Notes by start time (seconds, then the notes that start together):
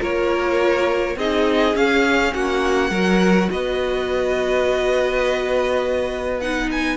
0.00 A#3 F4 A#4 C#5
1.16 C4 D#4 G#4 D#5
1.75 C#4 F5
2.34 A#3 F#4 F#5
2.90 F#3 F#4 A#4
3.50 B3 B4 D#5
6.40 D#4 F#5
6.72 G#5